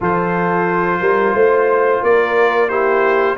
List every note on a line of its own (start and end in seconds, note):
0.00 1.00 F3
0.00 2.70 F4
0.00 1.00 A4
0.00 2.04 C5
1.00 1.34 G3
1.00 1.33 A#4
1.33 2.01 A3
1.33 2.00 C5
2.02 3.38 A#3
2.02 2.69 A#4
2.02 2.68 D5
2.68 3.37 E4
2.68 3.37 G4
2.68 3.36 C5